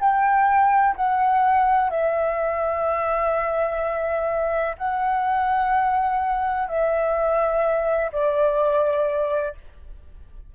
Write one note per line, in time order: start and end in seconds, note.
0.00 0.95 G5
0.96 1.90 F#5
1.90 4.76 E5
4.78 6.68 F#5
6.68 8.11 E5
8.13 9.55 D5